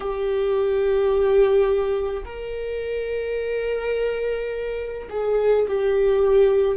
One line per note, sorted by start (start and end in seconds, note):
0.00 2.23 G4
2.25 5.08 A#4
5.09 5.66 G#4
5.68 6.77 G4